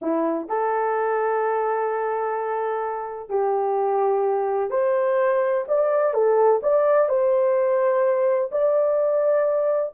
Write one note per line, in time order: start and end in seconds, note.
0.01 0.48 E4
0.48 3.29 A4
3.29 4.70 G4
4.70 5.65 C5
5.68 6.13 D5
6.13 6.60 A4
6.62 7.08 D5
7.08 8.50 C5
8.51 9.93 D5